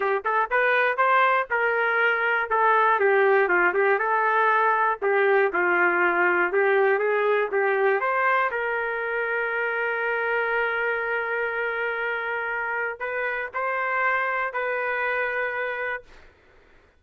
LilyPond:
\new Staff \with { instrumentName = "trumpet" } { \time 4/4 \tempo 4 = 120 g'8 a'8 b'4 c''4 ais'4~ | ais'4 a'4 g'4 f'8 g'8 | a'2 g'4 f'4~ | f'4 g'4 gis'4 g'4 |
c''4 ais'2.~ | ais'1~ | ais'2 b'4 c''4~ | c''4 b'2. | }